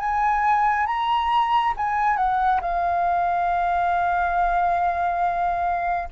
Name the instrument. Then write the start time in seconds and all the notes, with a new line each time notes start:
flute
0.00 G#5
0.87 A#5
1.77 G#5
2.17 F#5
2.61 F5